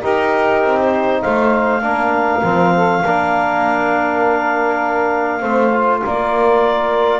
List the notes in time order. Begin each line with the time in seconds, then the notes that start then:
0.00 D#4 G4 A#4
0.63 C4
0.79 C5
1.21 A3 C5 F5
1.81 A#3 D4 A#4
2.43 F3 C4
2.74 A4
3.02 A#3 D4 A#4
5.40 A3 C4 C5
5.72 F4
6.04 A#3 A#4 D5